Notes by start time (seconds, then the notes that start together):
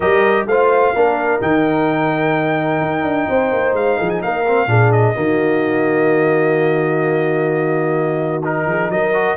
0.00 G3 G4 A#4 D#5
0.46 A3 F4 C5 F5
0.94 A#3 D4 A#4
1.40 D#3 D#4 G5
2.81 D#4
3.03 D4
3.29 C4 C5
3.52 A#3
3.73 G#3 F5
3.98 F3 G#4
4.09 G#5
4.21 A#3 A#4 F5
4.47 C4
4.66 A#2 D4 G#4
4.92 D#5
5.14 D#3 A#3 F#4
8.44 D#4 A#4
8.66 F3 G#4
8.89 F#3 A#4 D#5
9.13 F#4